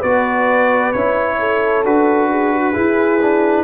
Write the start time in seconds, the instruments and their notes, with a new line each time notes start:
0.00 tuba B3, trombone F#4, horn B4, trumpet D5
0.92 tuba C#4, trombone E4, trumpet C#5
1.40 horn A4
1.85 tuba D4, trombone F#4, trumpet B4
2.31 horn G#4
2.53 horn F#4
2.73 trombone E4, tuba E4, horn G#4
3.22 trombone D4